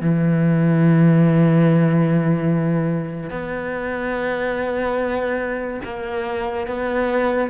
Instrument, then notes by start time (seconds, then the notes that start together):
cello
0.00 E3
3.30 B3
5.84 A#3
6.66 B3